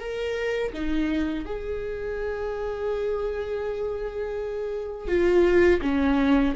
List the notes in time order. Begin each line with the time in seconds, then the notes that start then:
0.00 A#4
0.74 D#4
1.46 G#4
5.08 F4
5.82 C#4